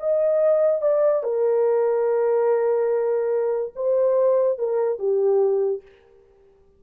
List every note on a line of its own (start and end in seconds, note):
0.00 0.82 D#5
0.82 1.23 D5
1.23 3.73 A#4
3.76 4.59 C5
4.59 4.99 A#4
4.99 5.83 G4